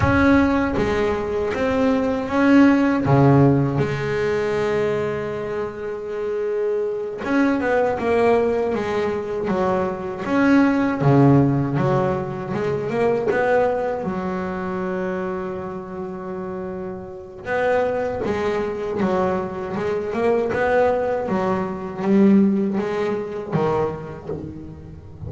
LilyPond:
\new Staff \with { instrumentName = "double bass" } { \time 4/4 \tempo 4 = 79 cis'4 gis4 c'4 cis'4 | cis4 gis2.~ | gis4. cis'8 b8 ais4 gis8~ | gis8 fis4 cis'4 cis4 fis8~ |
fis8 gis8 ais8 b4 fis4.~ | fis2. b4 | gis4 fis4 gis8 ais8 b4 | fis4 g4 gis4 dis4 | }